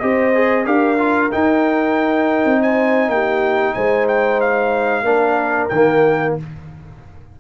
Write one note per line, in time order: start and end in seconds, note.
0.00 0.66 C4
0.00 0.34 G4
0.00 0.66 C5
0.00 0.65 D#5
0.35 0.65 G#4
0.65 1.32 D4
0.65 0.98 G4
0.65 2.61 A#4
0.65 1.32 F5
0.98 1.31 F4
1.31 5.05 D#4
1.31 2.46 D#4
1.31 2.63 G5
2.46 3.09 C4
2.63 3.12 C5
2.63 3.10 G#5
3.09 3.74 A#3
3.09 3.76 G4
3.09 3.74 G5
3.74 5.03 G#3
3.74 5.05 C5
3.74 4.07 G#5
4.08 4.41 G5
4.41 5.69 F5
5.03 5.68 A#3
5.03 5.70 D4
5.03 6.35 A#4
5.69 6.37 D#3
5.69 6.34 G5
5.75 6.40 A#3